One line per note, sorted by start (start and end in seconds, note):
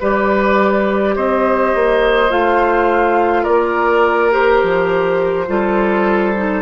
0.00 1.16 G3
0.00 2.29 G4
0.00 1.15 B4
0.00 1.16 D5
1.15 1.74 C4
1.15 3.43 C5
1.15 2.31 D#5
1.74 2.31 A#3
2.29 3.46 A3
2.29 4.31 F4
2.29 3.44 F5
3.43 4.63 A#3
3.43 5.45 A#4
3.43 4.31 D5
4.31 5.46 G4
4.31 6.62 C5
4.63 5.48 F3
5.47 6.62 G3
5.47 6.34 F4
5.47 6.62 A4
6.37 6.62 D#4